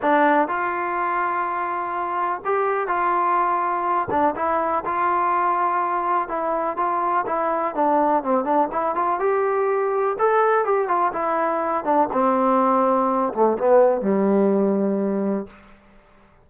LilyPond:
\new Staff \with { instrumentName = "trombone" } { \time 4/4 \tempo 4 = 124 d'4 f'2.~ | f'4 g'4 f'2~ | f'8 d'8 e'4 f'2~ | f'4 e'4 f'4 e'4 |
d'4 c'8 d'8 e'8 f'8 g'4~ | g'4 a'4 g'8 f'8 e'4~ | e'8 d'8 c'2~ c'8 a8 | b4 g2. | }